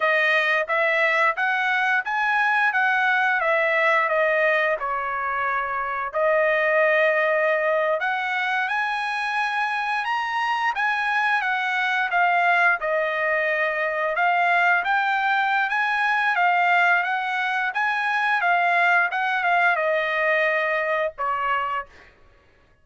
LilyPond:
\new Staff \with { instrumentName = "trumpet" } { \time 4/4 \tempo 4 = 88 dis''4 e''4 fis''4 gis''4 | fis''4 e''4 dis''4 cis''4~ | cis''4 dis''2~ dis''8. fis''16~ | fis''8. gis''2 ais''4 gis''16~ |
gis''8. fis''4 f''4 dis''4~ dis''16~ | dis''8. f''4 g''4~ g''16 gis''4 | f''4 fis''4 gis''4 f''4 | fis''8 f''8 dis''2 cis''4 | }